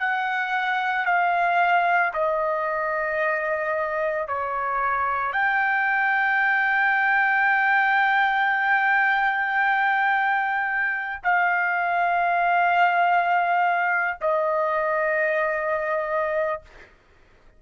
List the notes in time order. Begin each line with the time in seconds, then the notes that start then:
0.00 F#5
1.06 F5
2.14 D#5
4.28 C#5
5.33 G5
11.24 F5
14.21 D#5